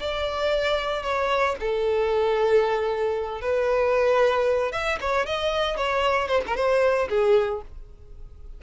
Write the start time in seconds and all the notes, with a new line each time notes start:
0.00 D5
1.03 C#5
1.61 A4
3.42 B4
4.72 E5
5.01 C#5
5.27 D#5
5.78 C#5
6.28 C5
6.47 A#4
6.56 C5
7.10 G#4